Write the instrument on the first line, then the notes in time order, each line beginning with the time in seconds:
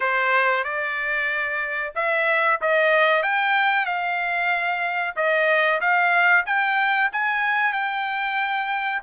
trumpet
0.00 C5
0.64 D5
1.95 E5
2.61 D#5
3.23 G5
3.85 F5
5.16 D#5
5.80 F5
6.45 G5
7.12 G#5
7.72 G5